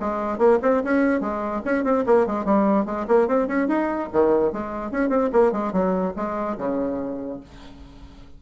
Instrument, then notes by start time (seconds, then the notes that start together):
bassoon
0.00 G#3
0.38 A#3
0.62 C4
0.83 C#4
1.20 G#3
1.65 C#4
1.84 C4
2.06 A#3
2.26 G#3
2.45 G3
2.85 G#3
3.07 A#3
3.27 C4
3.48 C#4
3.68 D#4
4.12 D#3
4.52 G#3
4.91 C#4
5.09 C4
5.33 A#3
5.52 G#3
5.72 F#3
6.16 G#3
6.58 C#3